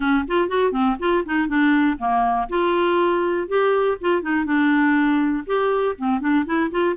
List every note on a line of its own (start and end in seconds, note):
0.00 0.24 C#4
0.27 0.48 F4
0.48 0.71 F#4
0.71 0.96 C4
0.99 1.24 F4
1.25 1.48 D#4
1.48 1.97 D4
1.98 2.48 A#3
2.49 3.48 F4
3.48 3.97 G4
4.00 4.22 F4
4.22 4.45 D#4
4.45 5.44 D4
5.46 5.95 G4
5.98 6.20 C4
6.20 6.45 D4
6.45 6.70 E4
6.71 6.95 F4